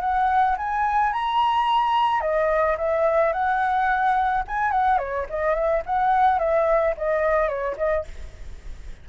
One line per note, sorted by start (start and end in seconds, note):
0.00 0.56 F#5
0.57 1.12 G#5
1.12 2.21 A#5
2.21 2.76 D#5
2.77 3.32 E5
3.32 4.43 F#5
4.47 4.71 G#5
4.71 4.98 F#5
4.98 5.26 C#5
5.29 5.54 D#5
5.54 5.82 E5
5.85 6.39 F#5
6.39 6.94 E5
6.97 7.48 D#5
7.48 7.76 C#5
7.77 8.05 D#5